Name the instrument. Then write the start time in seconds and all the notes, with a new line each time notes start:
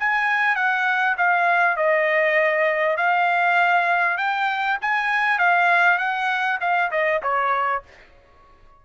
trumpet
0.00 G#5
0.56 F#5
1.18 F5
1.77 D#5
2.97 F5
4.18 G5
4.82 G#5
5.39 F5
5.99 F#5
6.61 F5
6.91 D#5
7.23 C#5